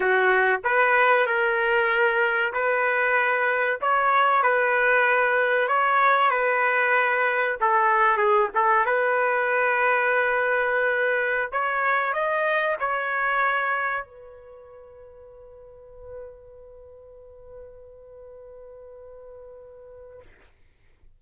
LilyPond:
\new Staff \with { instrumentName = "trumpet" } { \time 4/4 \tempo 4 = 95 fis'4 b'4 ais'2 | b'2 cis''4 b'4~ | b'4 cis''4 b'2 | a'4 gis'8 a'8 b'2~ |
b'2~ b'16 cis''4 dis''8.~ | dis''16 cis''2 b'4.~ b'16~ | b'1~ | b'1 | }